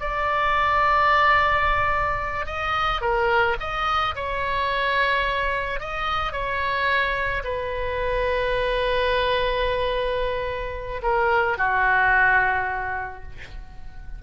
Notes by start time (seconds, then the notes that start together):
0.00 D5
2.46 D#5
3.01 A#4
3.60 D#5
4.15 C#5
5.80 D#5
6.32 C#5
7.44 B4
11.02 A#4
11.57 F#4